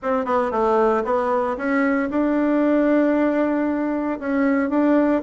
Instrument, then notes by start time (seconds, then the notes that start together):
bassoon
0.02 C4
0.25 B3
0.51 A3
1.04 B3
1.57 C#4
2.10 D4
4.19 C#4
4.69 D4